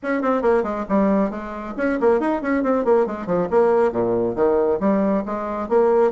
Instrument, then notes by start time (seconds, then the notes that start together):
bassoon
0.02 C#4
0.22 C4
0.42 A#3
0.63 G#3
0.88 G3
1.30 G#3
1.77 C#4
2.00 A#3
2.20 D#4
2.41 C#4
2.63 C4
2.84 A#3
3.06 G#3
3.26 F3
3.50 A#3
3.92 A#2
4.35 D#3
4.80 G3
5.25 G#3
5.68 A#3